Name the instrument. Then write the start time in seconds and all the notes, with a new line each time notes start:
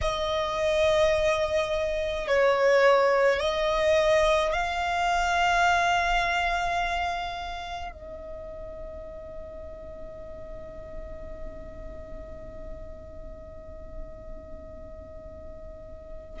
violin
0.01 D#5
2.27 C#5
3.39 D#5
4.53 F5
7.91 D#5